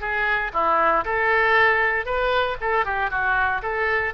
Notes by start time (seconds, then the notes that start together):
0.00 G#4
0.53 E4
1.04 A4
2.05 B4
2.60 A4
2.85 G4
3.10 F#4
3.62 A4